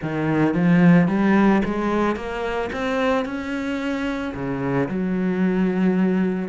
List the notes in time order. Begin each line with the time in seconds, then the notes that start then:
0.02 D#3
0.54 F3
1.07 G3
1.64 G#3
2.15 A#3
2.72 C4
3.25 C#4
4.34 C#3
4.88 F#3